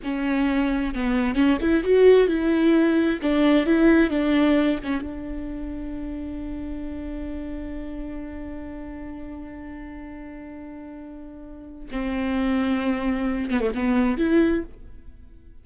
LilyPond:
\new Staff \with { instrumentName = "viola" } { \time 4/4 \tempo 4 = 131 cis'2 b4 cis'8 e'8 | fis'4 e'2 d'4 | e'4 d'4. cis'8 d'4~ | d'1~ |
d'1~ | d'1~ | d'2 c'2~ | c'4. b16 a16 b4 e'4 | }